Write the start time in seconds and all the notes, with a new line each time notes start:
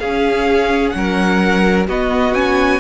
0.00 C#4 G#4 F5
0.90 F#3 F#5
0.97 A#4
1.88 B3 F#4 D#5
2.34 C#4 G#5